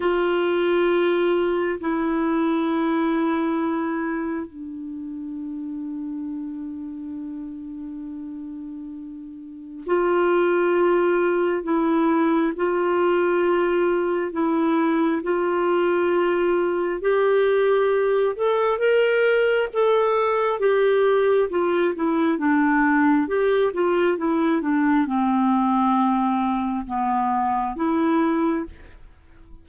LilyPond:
\new Staff \with { instrumentName = "clarinet" } { \time 4/4 \tempo 4 = 67 f'2 e'2~ | e'4 d'2.~ | d'2. f'4~ | f'4 e'4 f'2 |
e'4 f'2 g'4~ | g'8 a'8 ais'4 a'4 g'4 | f'8 e'8 d'4 g'8 f'8 e'8 d'8 | c'2 b4 e'4 | }